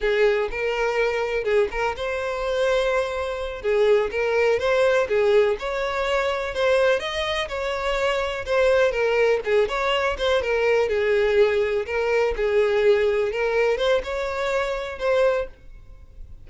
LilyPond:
\new Staff \with { instrumentName = "violin" } { \time 4/4 \tempo 4 = 124 gis'4 ais'2 gis'8 ais'8 | c''2.~ c''8 gis'8~ | gis'8 ais'4 c''4 gis'4 cis''8~ | cis''4. c''4 dis''4 cis''8~ |
cis''4. c''4 ais'4 gis'8 | cis''4 c''8 ais'4 gis'4.~ | gis'8 ais'4 gis'2 ais'8~ | ais'8 c''8 cis''2 c''4 | }